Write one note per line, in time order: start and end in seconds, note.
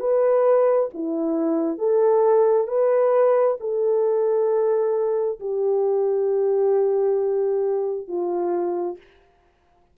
0.00 0.90 B4
0.94 1.79 E4
1.79 2.68 A4
2.68 3.58 B4
3.61 5.40 A4
5.41 8.08 G4
8.08 8.98 F4